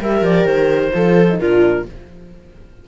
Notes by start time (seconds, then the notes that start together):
0.00 G3 G4 A#4 E5
0.21 F3 D5
0.45 D#3 C5
0.92 F3 F4 A4
1.29 D#4
1.38 A#2 D4 F4 A#4